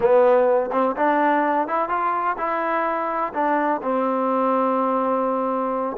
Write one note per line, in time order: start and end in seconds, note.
0.00 0.70 B3
0.71 0.95 C4
0.96 1.67 D4
1.67 1.88 E4
1.88 2.36 F4
2.37 3.32 E4
3.33 3.81 D4
3.82 5.97 C4